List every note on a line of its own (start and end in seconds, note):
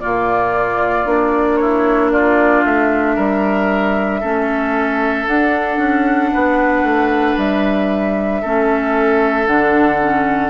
0.00 1.05 A#2
0.00 1.06 A#3
0.00 1.59 F4
0.00 1.57 D5
1.05 2.63 A#3
1.05 4.21 D4
1.57 2.12 E4
1.57 2.09 C#5
2.12 3.16 F4
2.12 2.64 D5
2.65 3.17 A3
2.65 5.27 E5
3.16 4.22 G3
3.16 4.21 A#4
4.21 5.27 A3
4.21 5.27 C#4
4.21 6.31 A4
5.27 5.78 D4
5.27 8.43 D4
5.27 7.38 F#5
5.78 6.31 C#4
6.32 6.83 B3
6.32 8.42 B4
6.83 7.36 A3
7.37 8.42 G3
7.37 9.47 E5
8.42 9.47 A3
8.42 9.47 C#4
8.42 10.50 A4
9.47 10.50 D3
9.47 10.00 D4
9.47 10.50 F#5
10.02 10.50 C#4